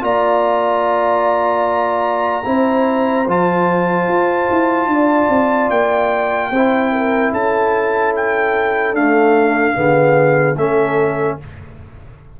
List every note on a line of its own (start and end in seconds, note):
0.00 2.45 A#3
0.00 2.43 F4
0.00 2.46 D5
0.00 3.28 A#5
2.45 3.27 C4
2.45 3.26 E4
2.45 4.90 C5
3.27 4.08 F3
3.27 6.52 F4
3.27 5.70 A5
4.08 4.48 F4
4.50 4.86 E4
4.86 5.27 D4
4.86 6.50 D5
5.29 5.69 C4
5.70 6.51 A#3
5.70 7.32 G5
6.50 7.32 C4
6.50 8.95 E4
6.50 6.91 C5
6.92 7.32 A#4
7.32 8.92 C#4
7.32 9.75 A4
7.32 8.14 A5
8.16 8.95 G5
8.92 9.73 A3
8.92 9.73 D4
8.92 10.57 F5
9.73 10.56 D3
9.73 10.55 B3
9.73 10.57 G#4
10.56 11.37 A3
10.56 11.40 C#4
10.56 11.38 A4
10.56 11.38 E5